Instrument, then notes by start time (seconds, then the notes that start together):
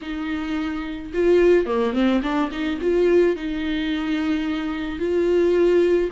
viola
0.01 D#4
1.13 F4
1.65 A#3
1.93 C4
2.22 D4
2.51 D#4
2.81 F4
3.36 D#4
4.98 F4